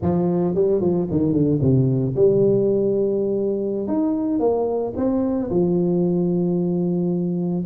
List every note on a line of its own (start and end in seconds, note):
0.01 0.55 F3
0.55 0.81 G3
0.81 1.07 F3
1.10 1.32 D#3
1.32 1.59 D3
1.61 2.15 C3
2.15 3.87 G3
3.87 4.39 D#4
4.39 4.93 A#3
4.96 5.50 C4
5.50 7.64 F3